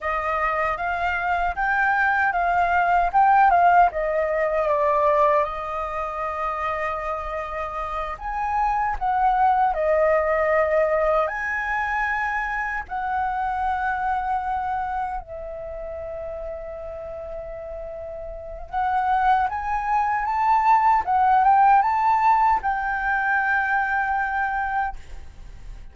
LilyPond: \new Staff \with { instrumentName = "flute" } { \time 4/4 \tempo 4 = 77 dis''4 f''4 g''4 f''4 | g''8 f''8 dis''4 d''4 dis''4~ | dis''2~ dis''8 gis''4 fis''8~ | fis''8 dis''2 gis''4.~ |
gis''8 fis''2. e''8~ | e''1 | fis''4 gis''4 a''4 fis''8 g''8 | a''4 g''2. | }